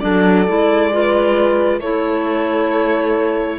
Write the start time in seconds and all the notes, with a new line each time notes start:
0.00 F#3 D4 A4 D5
0.48 G#3 E4
0.92 F4 B4
1.79 A3 E4 A4 C#5